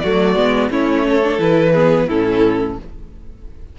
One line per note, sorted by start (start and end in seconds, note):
0.00 0.35 F#3
0.00 0.36 A3
0.00 0.71 F#4
0.00 0.69 D5
0.35 0.70 G#3
0.35 0.71 B3
0.71 1.39 A3
0.71 1.22 C#4
0.71 1.06 E4
0.71 1.41 C#5
1.09 1.74 A4
1.24 1.39 D4
1.39 2.07 E3
1.39 1.73 E4
1.39 2.09 B4
1.74 2.10 B3
1.74 2.08 G#4
2.08 2.79 A2
2.08 2.79 C#4
2.08 2.77 E4
2.08 2.78 A4